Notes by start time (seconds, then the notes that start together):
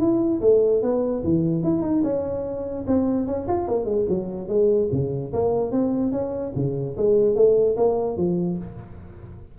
0.00 E4
0.41 A3
0.82 B3
1.24 E3
1.63 E4
1.82 D#4
2.04 C#4
2.87 C4
3.27 C#4
3.48 F4
3.68 A#3
3.85 G#3
4.09 F#3
4.48 G#3
4.92 C#3
5.33 A#3
5.71 C4
6.12 C#4
6.55 C#3
6.97 G#3
7.36 A3
7.77 A#3
8.17 F3